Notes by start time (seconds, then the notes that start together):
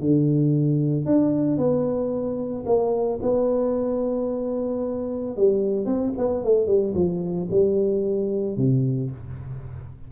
0.00 D3
1.06 D4
1.57 B3
2.66 A#3
3.22 B3
5.36 G3
5.86 C4
6.18 B3
6.44 A3
6.67 G3
6.94 F3
7.50 G3
8.57 C3